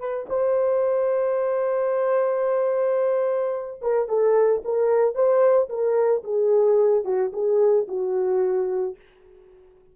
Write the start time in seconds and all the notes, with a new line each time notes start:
0.00 B4
0.30 C5
3.82 A#4
4.09 A4
4.65 A#4
5.15 C5
5.70 A#4
6.24 G#4
7.05 F#4
7.33 G#4
7.88 F#4